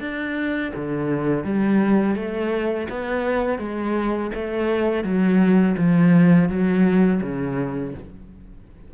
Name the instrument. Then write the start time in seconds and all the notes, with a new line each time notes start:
cello
0.00 D4
0.75 D3
1.44 G3
2.15 A3
2.89 B3
3.58 G#3
4.34 A3
5.03 F#3
5.77 F3
6.49 F#3
7.22 C#3